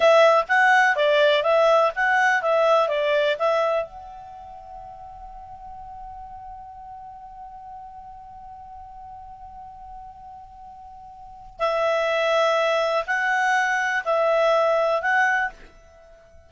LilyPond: \new Staff \with { instrumentName = "clarinet" } { \time 4/4 \tempo 4 = 124 e''4 fis''4 d''4 e''4 | fis''4 e''4 d''4 e''4 | fis''1~ | fis''1~ |
fis''1~ | fis''1 | e''2. fis''4~ | fis''4 e''2 fis''4 | }